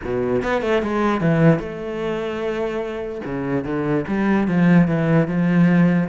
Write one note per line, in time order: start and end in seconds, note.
0.04 0.42 B2
0.42 0.62 B3
0.62 0.82 A3
0.82 1.20 G#3
1.20 1.59 E3
1.59 3.21 A3
3.25 3.64 C#3
3.64 4.04 D3
4.07 4.47 G3
4.47 4.87 F3
4.87 5.27 E3
5.27 6.08 F3